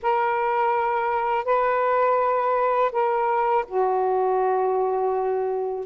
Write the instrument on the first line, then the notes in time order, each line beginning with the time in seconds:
saxophone
0.02 A#4
1.44 B4
2.92 A#4
3.68 F#4